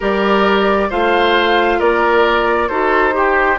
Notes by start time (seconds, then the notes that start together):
0.00 G3 G4 A#4 D5
0.89 A3 F4 C5 F5
1.78 A#3 A#4 D5
2.68 D#4 F#4 A4 C5
3.12 G4